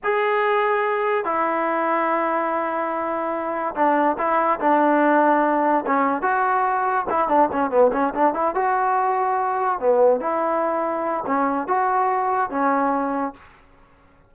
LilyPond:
\new Staff \with { instrumentName = "trombone" } { \time 4/4 \tempo 4 = 144 gis'2. e'4~ | e'1~ | e'4 d'4 e'4 d'4~ | d'2 cis'4 fis'4~ |
fis'4 e'8 d'8 cis'8 b8 cis'8 d'8 | e'8 fis'2. b8~ | b8 e'2~ e'8 cis'4 | fis'2 cis'2 | }